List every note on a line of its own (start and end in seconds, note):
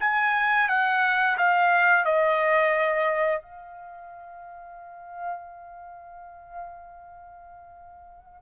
0.00 0.68 G#5
0.68 1.37 F#5
1.37 2.05 F5
2.05 3.42 D#5
3.42 8.42 F5